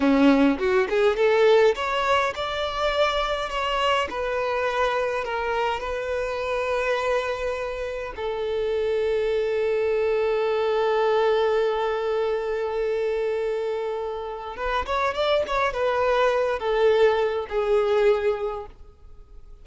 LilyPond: \new Staff \with { instrumentName = "violin" } { \time 4/4 \tempo 4 = 103 cis'4 fis'8 gis'8 a'4 cis''4 | d''2 cis''4 b'4~ | b'4 ais'4 b'2~ | b'2 a'2~ |
a'1~ | a'1~ | a'4 b'8 cis''8 d''8 cis''8 b'4~ | b'8 a'4. gis'2 | }